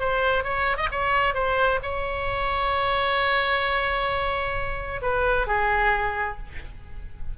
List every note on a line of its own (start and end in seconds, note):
0.00 0.44 C5
0.44 0.77 C#5
0.77 0.89 D#5
0.92 1.34 C#5
1.34 1.80 C5
1.83 5.01 C#5
5.02 5.47 B4
5.47 6.38 G#4